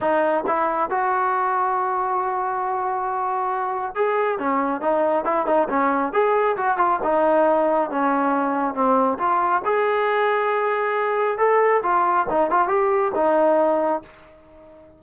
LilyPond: \new Staff \with { instrumentName = "trombone" } { \time 4/4 \tempo 4 = 137 dis'4 e'4 fis'2~ | fis'1~ | fis'4 gis'4 cis'4 dis'4 | e'8 dis'8 cis'4 gis'4 fis'8 f'8 |
dis'2 cis'2 | c'4 f'4 gis'2~ | gis'2 a'4 f'4 | dis'8 f'8 g'4 dis'2 | }